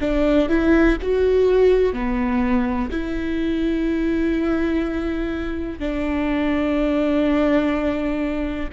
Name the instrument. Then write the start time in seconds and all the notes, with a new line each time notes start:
viola
0.00 D4
0.49 E4
1.01 F#4
1.93 B3
2.91 E4
5.78 D4